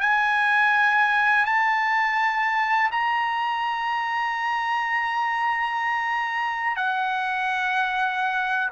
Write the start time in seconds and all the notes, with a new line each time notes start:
0.00 G#5
1.45 A5
2.91 A#5
6.76 F#5